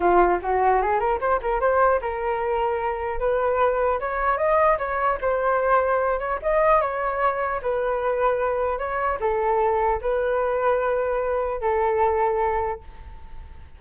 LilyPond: \new Staff \with { instrumentName = "flute" } { \time 4/4 \tempo 4 = 150 f'4 fis'4 gis'8 ais'8 c''8 ais'8 | c''4 ais'2. | b'2 cis''4 dis''4 | cis''4 c''2~ c''8 cis''8 |
dis''4 cis''2 b'4~ | b'2 cis''4 a'4~ | a'4 b'2.~ | b'4 a'2. | }